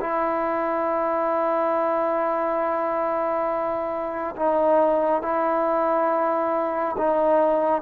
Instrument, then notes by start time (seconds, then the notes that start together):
trombone
0.00 E4
4.36 D#4
5.22 E4
6.97 D#4